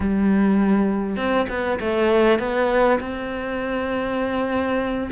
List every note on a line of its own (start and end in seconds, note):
0.00 1.16 G3
1.16 1.46 C4
1.49 1.79 B3
1.80 2.39 A3
2.39 2.99 B3
3.00 5.10 C4